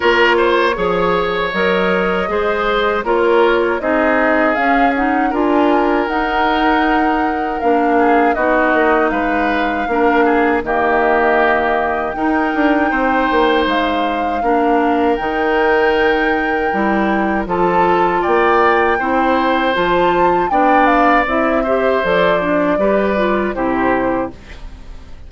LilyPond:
<<
  \new Staff \with { instrumentName = "flute" } { \time 4/4 \tempo 4 = 79 cis''2 dis''2 | cis''4 dis''4 f''8 fis''8 gis''4 | fis''2 f''4 dis''4 | f''2 dis''2 |
g''2 f''2 | g''2. a''4 | g''2 a''4 g''8 f''8 | e''4 d''2 c''4 | }
  \new Staff \with { instrumentName = "oboe" } { \time 4/4 ais'8 c''8 cis''2 c''4 | ais'4 gis'2 ais'4~ | ais'2~ ais'8 gis'8 fis'4 | b'4 ais'8 gis'8 g'2 |
ais'4 c''2 ais'4~ | ais'2. a'4 | d''4 c''2 d''4~ | d''8 c''4. b'4 g'4 | }
  \new Staff \with { instrumentName = "clarinet" } { \time 4/4 f'4 gis'4 ais'4 gis'4 | f'4 dis'4 cis'8 dis'8 f'4 | dis'2 d'4 dis'4~ | dis'4 d'4 ais2 |
dis'2. d'4 | dis'2 e'4 f'4~ | f'4 e'4 f'4 d'4 | e'8 g'8 a'8 d'8 g'8 f'8 e'4 | }
  \new Staff \with { instrumentName = "bassoon" } { \time 4/4 ais4 f4 fis4 gis4 | ais4 c'4 cis'4 d'4 | dis'2 ais4 b8 ais8 | gis4 ais4 dis2 |
dis'8 d'8 c'8 ais8 gis4 ais4 | dis2 g4 f4 | ais4 c'4 f4 b4 | c'4 f4 g4 c4 | }
>>